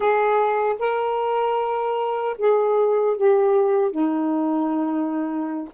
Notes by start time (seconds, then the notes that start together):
0.00 G#4
0.79 A#4
2.38 G#4
3.17 G4
3.91 D#4